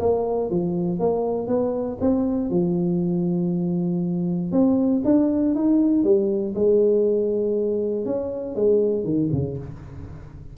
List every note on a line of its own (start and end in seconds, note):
0.00 0.50 A#3
0.50 0.99 F3
0.99 1.48 A#3
1.48 1.98 B3
2.01 2.50 C4
2.50 4.52 F3
4.52 5.03 C4
5.05 5.55 D4
5.55 6.04 D#4
6.04 6.54 G3
6.55 8.06 G#3
8.06 8.56 C#4
8.56 9.04 G#3
9.04 9.30 D#3
9.32 9.58 C#3